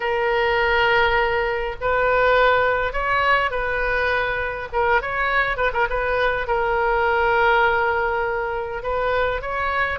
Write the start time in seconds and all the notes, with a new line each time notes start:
0.00 A#4
1.80 B4
2.93 C#5
3.51 B4
4.72 A#4
5.01 C#5
5.56 B4
5.73 A#4
5.89 B4
6.47 A#4
8.82 B4
9.41 C#5